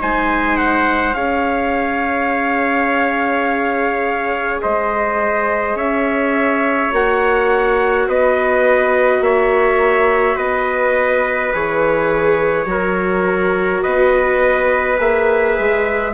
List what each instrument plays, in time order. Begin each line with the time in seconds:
0.00 bassoon G#3, viola D#4, trumpet C5 G#5
0.57 trumpet F#5
1.14 bassoon C#4, viola G#4, trumpet C#5 F5
4.62 bassoon G#3, trumpet C5 D#5
5.75 bassoon C#4, trumpet C#5 E5
6.92 bassoon A#3, viola F#4, trumpet F#5
8.08 bassoon B3, trumpet B4 D#5
9.21 bassoon A#3, trumpet C#5 E5
10.36 bassoon B3, trumpet B4 D#5
11.53 bassoon E3, viola G#4, trumpet C#5
12.66 bassoon F#3, viola F#4, trumpet A#4
13.83 bassoon B3, trumpet B4 D#5
14.98 bassoon A#3, viola G#4, trumpet E5
15.59 bassoon G#3